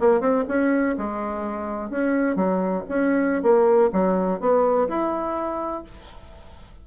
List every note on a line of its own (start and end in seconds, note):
0.00 0.21 A#3
0.21 0.44 C4
0.48 0.96 C#4
0.98 1.90 G#3
1.90 2.36 C#4
2.36 2.83 F#3
2.89 3.43 C#4
3.43 3.90 A#3
3.93 4.40 F#3
4.40 4.88 B3
4.89 5.84 E4